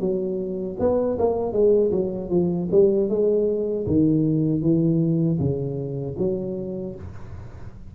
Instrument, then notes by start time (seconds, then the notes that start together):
tuba
0.00 F#3
0.79 B3
1.19 A#3
1.52 G#3
1.91 F#3
2.30 F3
2.71 G3
3.09 G#3
3.87 D#3
4.62 E3
5.40 C#3
6.18 F#3